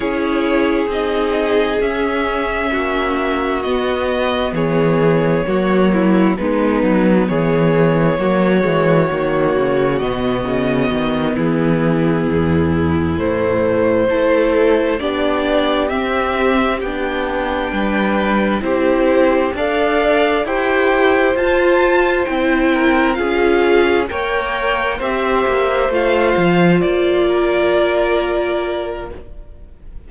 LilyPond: <<
  \new Staff \with { instrumentName = "violin" } { \time 4/4 \tempo 4 = 66 cis''4 dis''4 e''2 | dis''4 cis''2 b'4 | cis''2. dis''4~ | dis''8 gis'2 c''4.~ |
c''8 d''4 e''4 g''4.~ | g''8 c''4 f''4 g''4 a''8~ | a''8 g''4 f''4 g''4 e''8~ | e''8 f''4 d''2~ d''8 | }
  \new Staff \with { instrumentName = "violin" } { \time 4/4 gis'2. fis'4~ | fis'4 gis'4 fis'8 e'8 dis'4 | gis'4 fis'2.~ | fis'8 e'2. a'8~ |
a'8 g'2. b'8~ | b'8 g'4 d''4 c''4.~ | c''4 ais'8 gis'4 cis''4 c''8~ | c''2 ais'2 | }
  \new Staff \with { instrumentName = "viola" } { \time 4/4 e'4 dis'4 cis'2 | b2 ais4 b4~ | b4 ais8 gis8 ais4 b4~ | b2~ b8 a4 e'8~ |
e'8 d'4 c'4 d'4.~ | d'8 e'4 a'4 g'4 f'8~ | f'8 e'4 f'4 ais'4 g'8~ | g'8 f'2.~ f'8 | }
  \new Staff \with { instrumentName = "cello" } { \time 4/4 cis'4 c'4 cis'4 ais4 | b4 e4 fis4 gis8 fis8 | e4 fis8 e8 dis8 cis8 b,8 cis8 | dis8 e4 e,4 a,4 a8~ |
a8 b4 c'4 b4 g8~ | g8 c'4 d'4 e'4 f'8~ | f'8 c'4 cis'4 ais4 c'8 | ais8 a8 f8 ais2~ ais8 | }
>>